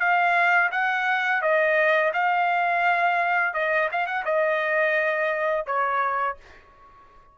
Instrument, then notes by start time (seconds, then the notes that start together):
trumpet
0.00 F5
0.72 F#5
1.42 D#5
2.14 F5
3.54 D#5
3.92 F5
4.07 F#5
4.25 D#5
5.67 C#5